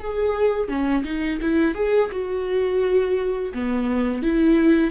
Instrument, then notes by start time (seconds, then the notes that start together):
viola
0.00 G#4
0.69 C#4
1.04 D#4
1.41 E4
1.75 G#4
2.11 F#4
3.54 B3
4.23 E4